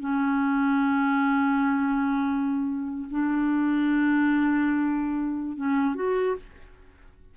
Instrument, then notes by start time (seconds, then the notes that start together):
clarinet
0.00 C#4
3.10 D4
5.57 C#4
5.95 F#4